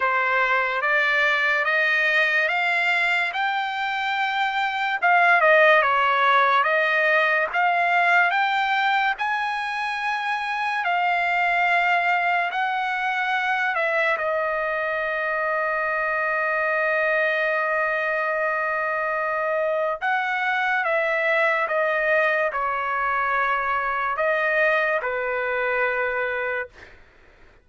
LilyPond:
\new Staff \with { instrumentName = "trumpet" } { \time 4/4 \tempo 4 = 72 c''4 d''4 dis''4 f''4 | g''2 f''8 dis''8 cis''4 | dis''4 f''4 g''4 gis''4~ | gis''4 f''2 fis''4~ |
fis''8 e''8 dis''2.~ | dis''1 | fis''4 e''4 dis''4 cis''4~ | cis''4 dis''4 b'2 | }